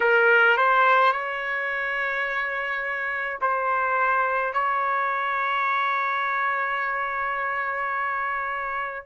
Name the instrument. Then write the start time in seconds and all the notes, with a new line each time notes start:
trumpet
0.00 A#4
0.57 C5
1.12 C#5
3.41 C5
4.53 C#5